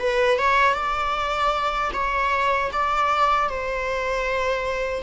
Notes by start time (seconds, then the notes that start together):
0.00 B4
0.39 C#5
0.74 D5
1.93 C#5
2.73 D5
3.50 C5